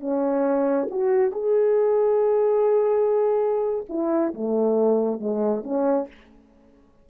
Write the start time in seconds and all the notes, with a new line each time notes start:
0.00 C#4
0.90 F#4
1.32 G#4
3.89 E4
4.34 A3
5.20 G#3
5.63 C#4